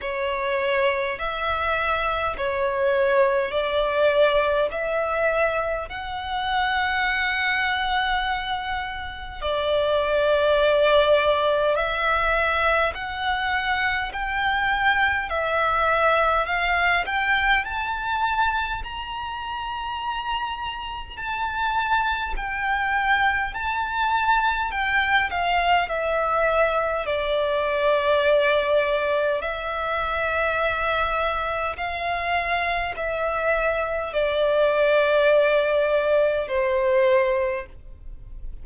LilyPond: \new Staff \with { instrumentName = "violin" } { \time 4/4 \tempo 4 = 51 cis''4 e''4 cis''4 d''4 | e''4 fis''2. | d''2 e''4 fis''4 | g''4 e''4 f''8 g''8 a''4 |
ais''2 a''4 g''4 | a''4 g''8 f''8 e''4 d''4~ | d''4 e''2 f''4 | e''4 d''2 c''4 | }